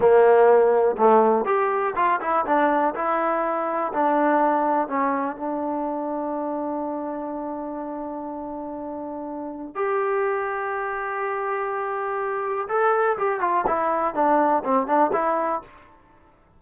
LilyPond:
\new Staff \with { instrumentName = "trombone" } { \time 4/4 \tempo 4 = 123 ais2 a4 g'4 | f'8 e'8 d'4 e'2 | d'2 cis'4 d'4~ | d'1~ |
d'1 | g'1~ | g'2 a'4 g'8 f'8 | e'4 d'4 c'8 d'8 e'4 | }